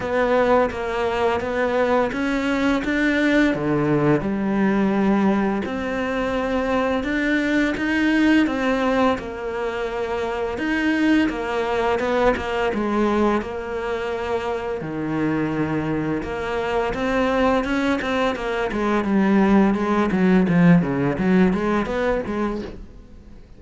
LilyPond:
\new Staff \with { instrumentName = "cello" } { \time 4/4 \tempo 4 = 85 b4 ais4 b4 cis'4 | d'4 d4 g2 | c'2 d'4 dis'4 | c'4 ais2 dis'4 |
ais4 b8 ais8 gis4 ais4~ | ais4 dis2 ais4 | c'4 cis'8 c'8 ais8 gis8 g4 | gis8 fis8 f8 cis8 fis8 gis8 b8 gis8 | }